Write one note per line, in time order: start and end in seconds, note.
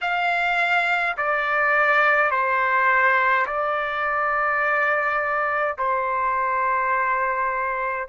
0.01 1.16 F5
1.17 2.30 D5
2.30 3.46 C5
3.46 5.77 D5
5.77 8.08 C5